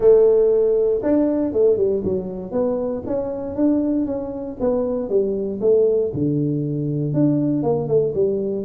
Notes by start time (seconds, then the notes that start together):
0.00 A3
1.02 D4
1.53 A3
1.77 G3
2.04 F#3
2.51 B3
3.06 C#4
3.55 D4
4.06 C#4
4.59 B3
5.09 G3
5.60 A3
6.13 D3
7.13 D4
7.62 A#3
7.87 A3
8.14 G3